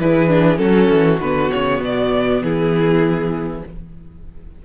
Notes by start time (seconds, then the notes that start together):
0.00 E3 E4 G#4 B4
0.28 D4
0.56 F#3 C#4 F#4 A4
0.89 E3
1.20 D3 B3 B4
1.51 C#3 C#5
1.81 B2 D5
2.42 E3 E4 G#4